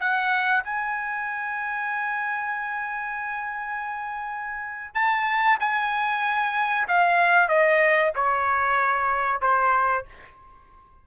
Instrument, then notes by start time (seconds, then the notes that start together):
trumpet
0.00 F#5
0.64 G#5
4.94 A5
5.60 G#5
6.88 F5
7.49 D#5
8.15 C#5
9.41 C5